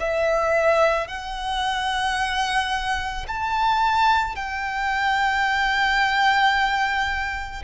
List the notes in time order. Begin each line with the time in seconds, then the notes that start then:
0.00 E5
1.08 F#5
3.28 A5
4.36 G5